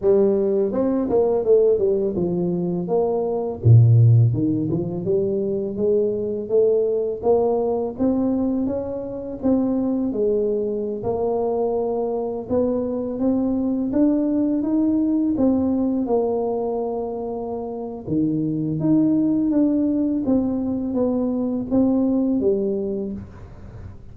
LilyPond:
\new Staff \with { instrumentName = "tuba" } { \time 4/4 \tempo 4 = 83 g4 c'8 ais8 a8 g8 f4 | ais4 ais,4 dis8 f8 g4 | gis4 a4 ais4 c'4 | cis'4 c'4 gis4~ gis16 ais8.~ |
ais4~ ais16 b4 c'4 d'8.~ | d'16 dis'4 c'4 ais4.~ ais16~ | ais4 dis4 dis'4 d'4 | c'4 b4 c'4 g4 | }